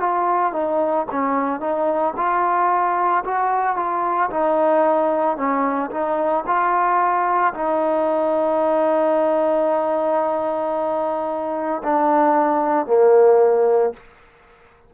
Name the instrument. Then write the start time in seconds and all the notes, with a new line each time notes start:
trombone
0.00 F4
0.53 D#4
1.12 C#4
1.60 D#4
2.17 F4
3.25 F#4
3.76 F4
4.31 D#4
5.37 C#4
5.91 D#4
6.47 F4
7.54 D#4
11.83 D4
12.87 A#3